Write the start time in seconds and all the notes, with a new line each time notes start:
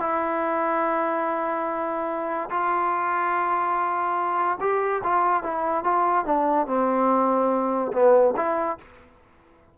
0.00 E4
2.51 F4
4.61 G4
5.04 F4
5.43 E4
5.84 F4
6.26 D4
6.67 C4
7.93 B3
8.37 E4